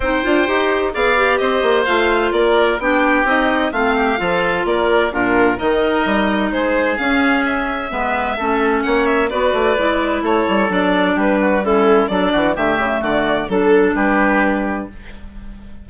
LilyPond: <<
  \new Staff \with { instrumentName = "violin" } { \time 4/4 \tempo 4 = 129 g''2 f''4 dis''4 | f''4 d''4 g''4 dis''4 | f''2 d''4 ais'4 | dis''2 c''4 f''4 |
e''2. fis''8 e''8 | d''2 cis''4 d''4 | b'4 a'4 d''4 e''4 | d''4 a'4 b'2 | }
  \new Staff \with { instrumentName = "oboe" } { \time 4/4 c''2 d''4 c''4~ | c''4 ais'4 g'2 | f'8 g'8 a'4 ais'4 f'4 | ais'2 gis'2~ |
gis'4 b'4 a'4 cis''4 | b'2 a'2 | g'8 fis'8 e'4 a'8 fis'8 g'4 | fis'4 a'4 g'2 | }
  \new Staff \with { instrumentName = "clarinet" } { \time 4/4 dis'8 f'8 g'4 gis'8 g'4. | f'2 d'4 dis'4 | c'4 f'2 d'4 | dis'2. cis'4~ |
cis'4 b4 cis'2 | fis'4 e'2 d'4~ | d'4 cis'4 d'4 a4~ | a4 d'2. | }
  \new Staff \with { instrumentName = "bassoon" } { \time 4/4 c'8 d'8 dis'4 b4 c'8 ais8 | a4 ais4 b4 c'4 | a4 f4 ais4 ais,4 | dis4 g4 gis4 cis'4~ |
cis'4 gis4 a4 ais4 | b8 a8 gis4 a8 g8 fis4 | g2 fis8 e8 d8 cis8 | d4 fis4 g2 | }
>>